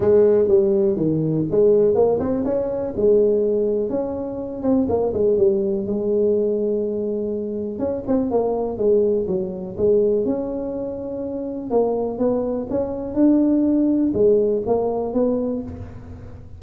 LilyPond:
\new Staff \with { instrumentName = "tuba" } { \time 4/4 \tempo 4 = 123 gis4 g4 dis4 gis4 | ais8 c'8 cis'4 gis2 | cis'4. c'8 ais8 gis8 g4 | gis1 |
cis'8 c'8 ais4 gis4 fis4 | gis4 cis'2. | ais4 b4 cis'4 d'4~ | d'4 gis4 ais4 b4 | }